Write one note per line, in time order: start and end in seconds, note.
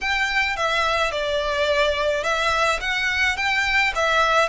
0.00 0.56 G5
0.56 1.11 E5
1.11 2.23 D5
2.23 2.79 E5
2.80 3.36 F#5
3.36 3.93 G5
3.95 4.49 E5